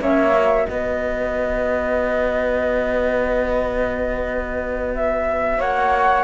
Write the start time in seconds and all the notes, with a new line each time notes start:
0.00 A#3 C#4 C#5 E5
0.32 F#4
0.66 B3 B4 D#5
4.95 E5
5.59 A#3 C#5 F#5